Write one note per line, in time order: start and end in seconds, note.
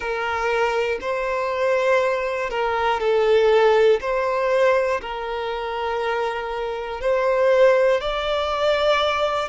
0.00 0.98 A#4
1.00 2.50 C5
2.50 3.00 A#4
3.00 4.00 A4
4.00 5.00 C5
5.00 7.00 A#4
7.00 8.00 C5
8.00 9.49 D5